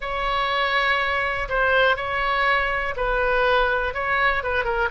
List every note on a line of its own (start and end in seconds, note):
0.00 1.48 C#5
1.48 1.96 C5
1.96 2.94 C#5
2.96 3.94 B4
3.94 4.43 C#5
4.43 4.64 B4
4.64 4.88 A#4